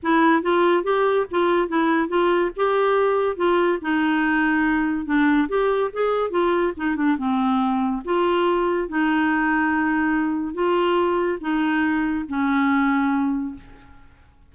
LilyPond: \new Staff \with { instrumentName = "clarinet" } { \time 4/4 \tempo 4 = 142 e'4 f'4 g'4 f'4 | e'4 f'4 g'2 | f'4 dis'2. | d'4 g'4 gis'4 f'4 |
dis'8 d'8 c'2 f'4~ | f'4 dis'2.~ | dis'4 f'2 dis'4~ | dis'4 cis'2. | }